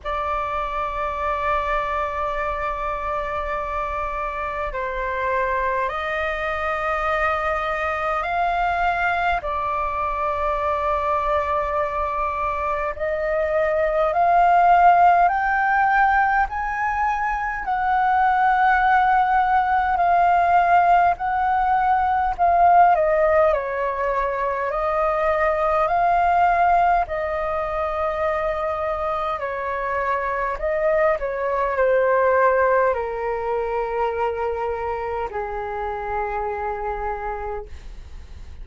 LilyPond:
\new Staff \with { instrumentName = "flute" } { \time 4/4 \tempo 4 = 51 d''1 | c''4 dis''2 f''4 | d''2. dis''4 | f''4 g''4 gis''4 fis''4~ |
fis''4 f''4 fis''4 f''8 dis''8 | cis''4 dis''4 f''4 dis''4~ | dis''4 cis''4 dis''8 cis''8 c''4 | ais'2 gis'2 | }